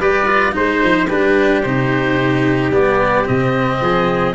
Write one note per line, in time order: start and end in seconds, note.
0.00 0.55 G3
0.00 0.26 G4
0.00 0.55 B4
0.00 0.55 D5
0.26 0.52 F4
0.52 0.83 G#3
0.52 1.07 D#4
0.52 1.09 C5
0.84 1.11 F3
1.09 1.65 G3
1.09 1.64 D4
1.09 3.81 G4
1.09 1.62 B4
1.62 2.71 C3
1.62 2.72 D#4
1.62 2.71 C5
2.71 3.25 G3
2.71 3.25 B3
2.71 3.27 D5
3.25 3.81 C3
3.25 4.34 C4
3.25 4.35 D#5
3.81 4.35 F3
3.81 4.35 G#4